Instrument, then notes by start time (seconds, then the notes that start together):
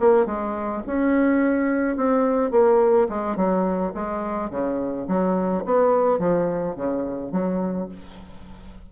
bassoon
0.00 A#3
0.26 G#3
0.87 C#4
1.97 C4
2.51 A#3
3.09 G#3
3.36 F#3
3.95 G#3
4.51 C#3
5.08 F#3
5.65 B3
6.19 F3
6.76 C#3
7.32 F#3